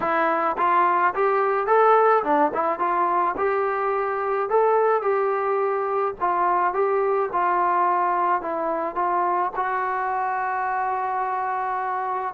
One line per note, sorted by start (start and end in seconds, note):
0.00 0.56 E4
0.57 1.13 F4
1.14 1.67 G4
1.67 2.23 A4
2.23 2.51 D4
2.54 2.79 E4
2.79 3.35 F4
3.37 4.49 G4
4.49 5.01 A4
5.01 6.14 G4
6.20 6.73 F4
6.73 7.29 G4
7.32 8.41 F4
8.41 8.95 E4
8.95 9.51 F4
9.56 12.34 F#4